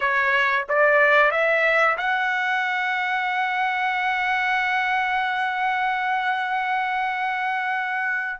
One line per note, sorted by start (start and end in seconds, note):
0.00 0.66 C#5
0.68 1.31 D5
1.31 1.97 E5
1.97 8.40 F#5